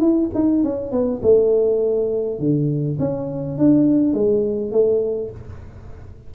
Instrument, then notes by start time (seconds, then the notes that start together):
tuba
0.00 E4
0.34 D#4
0.63 C#4
0.91 B3
1.22 A3
2.39 D3
2.99 C#4
3.58 D4
4.14 G#3
4.71 A3